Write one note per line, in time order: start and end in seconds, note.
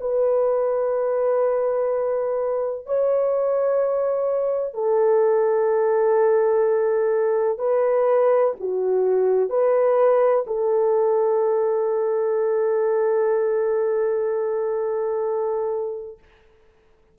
0.00 2.86 B4
2.86 4.74 C#5
4.74 7.58 A4
7.58 8.53 B4
8.60 9.49 F#4
9.49 10.45 B4
10.47 16.18 A4